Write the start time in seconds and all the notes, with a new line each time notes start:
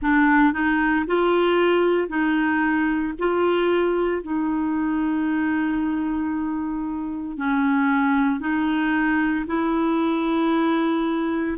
0.01 D4
0.53 D#4
1.06 F4
2.08 D#4
3.19 F4
4.22 D#4
7.37 C#4
8.39 D#4
9.46 E4